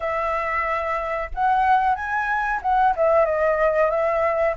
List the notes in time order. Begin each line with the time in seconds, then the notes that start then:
0.00 E5
1.34 F#5
1.95 G#5
2.62 F#5
2.96 E5
3.25 D#5
3.90 E5